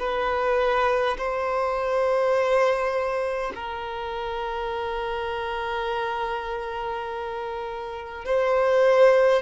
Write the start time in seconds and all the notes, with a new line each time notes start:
0.00 B4
1.18 C5
3.55 A#4
8.25 C5